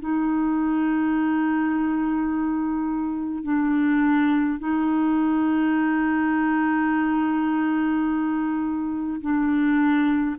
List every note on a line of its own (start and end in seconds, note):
0.00 3.44 D#4
3.44 4.59 D4
4.59 9.20 D#4
9.21 10.36 D4